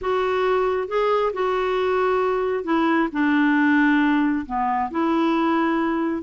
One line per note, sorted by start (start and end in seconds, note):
0.01 0.88 F#4
0.88 1.32 G#4
1.33 2.63 F#4
2.63 3.08 E4
3.12 4.45 D4
4.46 4.90 B3
4.90 6.22 E4